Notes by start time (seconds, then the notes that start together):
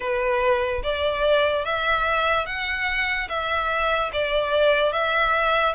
0.00 B4
0.83 D5
1.64 E5
2.46 F#5
3.28 E5
4.12 D5
4.92 E5